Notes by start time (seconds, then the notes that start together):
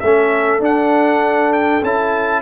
0.00 A3 C#4 A4 E5
0.60 D4 F#5
1.53 G5
1.83 C#4 E4 A5